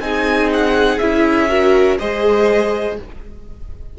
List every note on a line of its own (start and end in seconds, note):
0.00 0.98 C4
0.00 1.00 D#4
0.00 1.49 G#4
0.00 0.49 G#5
0.53 0.99 F#5
0.99 1.99 C#4
0.99 1.49 E4
0.99 1.97 E5
1.49 1.99 F#4
1.49 1.98 A#4
1.99 2.99 G#3
1.99 2.98 G#4
1.99 2.98 C5
1.99 2.97 D#5